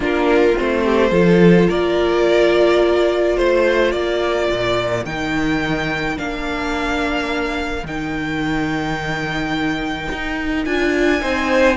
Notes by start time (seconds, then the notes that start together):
0.00 A#3 D4 F4 A#4
0.57 A3 C4 C5
0.85 G4
1.11 F3 F4 A4
1.68 A#3 A#4 D5
3.37 A3 C5
3.91 A#3 A#4 D5
4.50 A#2
5.05 D#3 D#4 G5
6.16 A#3 D4 F5
7.83 D#3 D#4 G5
10.12 D#4
10.64 D4 F4 G#5
11.20 C4 D#4 C5